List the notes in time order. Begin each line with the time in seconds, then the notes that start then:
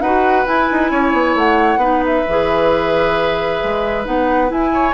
0.00 D#4 F#4 B4 F#5
0.46 E4 G#5
0.72 D#4
0.91 C#4 C#5
1.13 B3
1.35 A3 F#5
1.77 B3 D#4 B4
2.06 E5
2.28 E3 G#4
3.63 G#3
4.04 B3 D#4 F#5
4.48 E4 G#5
4.73 C#5